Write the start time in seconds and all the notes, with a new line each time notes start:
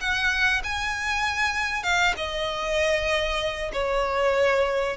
0.00 F#5
0.64 G#5
1.83 F5
2.17 D#5
3.73 C#5